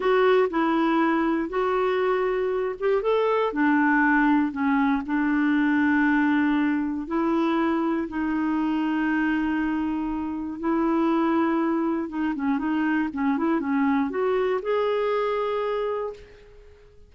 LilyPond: \new Staff \with { instrumentName = "clarinet" } { \time 4/4 \tempo 4 = 119 fis'4 e'2 fis'4~ | fis'4. g'8 a'4 d'4~ | d'4 cis'4 d'2~ | d'2 e'2 |
dis'1~ | dis'4 e'2. | dis'8 cis'8 dis'4 cis'8 e'8 cis'4 | fis'4 gis'2. | }